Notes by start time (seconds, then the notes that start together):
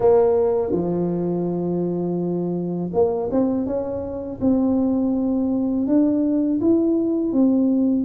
0.00 A#3
0.72 F3
2.93 A#3
3.31 C4
3.66 C#4
4.40 C4
5.86 D4
6.61 E4
7.32 C4